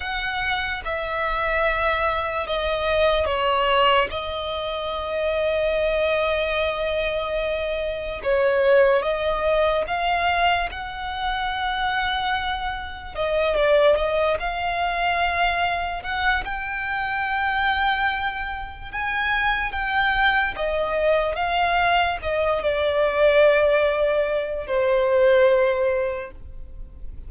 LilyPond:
\new Staff \with { instrumentName = "violin" } { \time 4/4 \tempo 4 = 73 fis''4 e''2 dis''4 | cis''4 dis''2.~ | dis''2 cis''4 dis''4 | f''4 fis''2. |
dis''8 d''8 dis''8 f''2 fis''8 | g''2. gis''4 | g''4 dis''4 f''4 dis''8 d''8~ | d''2 c''2 | }